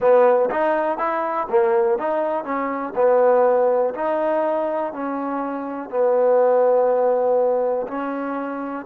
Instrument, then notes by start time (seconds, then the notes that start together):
trombone
0.00 B3
0.50 D#4
0.98 E4
1.49 A#3
1.98 D#4
2.44 C#4
2.95 B3
3.94 D#4
4.92 C#4
5.90 B3
7.87 C#4